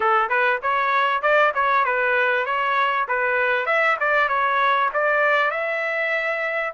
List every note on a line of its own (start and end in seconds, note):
0.00 0.29 A4
0.29 0.59 B4
0.62 1.21 C#5
1.21 1.52 D5
1.54 1.85 C#5
1.85 2.45 B4
2.45 3.06 C#5
3.08 3.66 B4
3.66 3.96 E5
4.00 4.28 D5
4.28 4.89 C#5
4.93 5.50 D5
5.50 6.73 E5